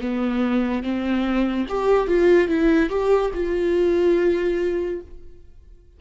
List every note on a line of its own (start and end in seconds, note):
0.00 0.83 B3
0.83 1.66 C4
1.68 2.07 G4
2.07 2.48 F4
2.48 2.89 E4
2.89 3.31 G4
3.33 5.00 F4